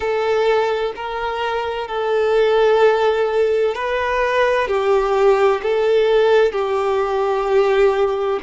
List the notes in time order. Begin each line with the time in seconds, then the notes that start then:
0.00 A4
0.95 A#4
1.87 A4
3.74 B4
4.67 G4
5.62 A4
6.52 G4